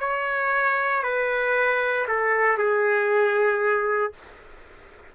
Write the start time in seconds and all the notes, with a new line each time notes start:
0.00 C#5
1.03 B4
2.08 A4
2.58 G#4